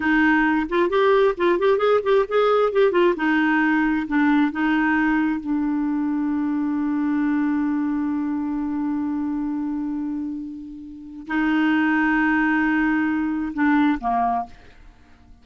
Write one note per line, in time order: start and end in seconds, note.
0.00 0.66 D#4
0.69 0.89 F4
0.89 1.34 G4
1.37 1.59 F4
1.59 1.78 G4
1.78 2.00 G#4
2.03 2.25 G4
2.28 2.72 G#4
2.72 2.91 G4
2.91 3.14 F4
3.16 4.06 D#4
4.07 4.51 D4
4.51 5.40 D#4
5.40 11.27 D4
11.27 13.52 D#4
13.53 13.98 D4
14.00 14.45 A#3